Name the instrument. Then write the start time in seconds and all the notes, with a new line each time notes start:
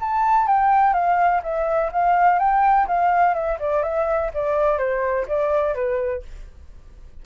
flute
0.00 A5
0.47 G5
0.93 F5
1.43 E5
1.92 F5
2.39 G5
2.88 F5
3.34 E5
3.59 D5
3.83 E5
4.34 D5
4.78 C5
5.28 D5
5.74 B4